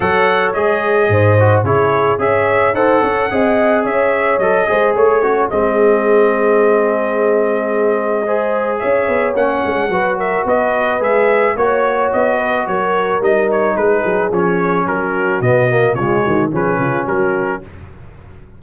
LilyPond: <<
  \new Staff \with { instrumentName = "trumpet" } { \time 4/4 \tempo 4 = 109 fis''4 dis''2 cis''4 | e''4 fis''2 e''4 | dis''4 cis''4 dis''2~ | dis''1 |
e''4 fis''4. e''8 dis''4 | e''4 cis''4 dis''4 cis''4 | dis''8 cis''8 b'4 cis''4 ais'4 | dis''4 cis''4 b'4 ais'4 | }
  \new Staff \with { instrumentName = "horn" } { \time 4/4 cis''2 c''4 gis'4 | cis''4 c''8 cis''8 dis''4 cis''4~ | cis''8 c''8 cis''8 cis'8 gis'2~ | gis'2. c''4 |
cis''2 b'8 ais'8 b'4~ | b'4 cis''4. b'8 ais'4~ | ais'4 gis'2 fis'4~ | fis'4 f'8 fis'8 gis'8 f'8 fis'4 | }
  \new Staff \with { instrumentName = "trombone" } { \time 4/4 a'4 gis'4. fis'8 e'4 | gis'4 a'4 gis'2 | a'8 gis'4 fis'8 c'2~ | c'2. gis'4~ |
gis'4 cis'4 fis'2 | gis'4 fis'2. | dis'2 cis'2 | b8 ais8 gis4 cis'2 | }
  \new Staff \with { instrumentName = "tuba" } { \time 4/4 fis4 gis4 gis,4 cis4 | cis'4 dis'8 cis'8 c'4 cis'4 | fis8 gis8 a4 gis2~ | gis1 |
cis'8 b8 ais8 gis8 fis4 b4 | gis4 ais4 b4 fis4 | g4 gis8 fis8 f4 fis4 | b,4 cis8 dis8 f8 cis8 fis4 | }
>>